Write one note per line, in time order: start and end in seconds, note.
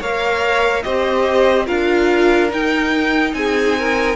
0.00 0.84 A#3
0.00 0.84 A#4
0.00 0.83 C#5
0.00 0.83 F5
0.83 1.69 C4
0.83 1.66 G4
0.83 1.66 C5
0.83 1.66 D#5
1.66 2.52 D4
1.66 2.49 F4
1.66 3.32 A#4
1.66 2.50 F5
2.49 4.16 D#4
2.49 3.33 D#4
2.49 3.34 G5
3.33 4.16 C4
3.33 3.78 G#4
3.33 4.16 G#5
3.78 4.16 A#4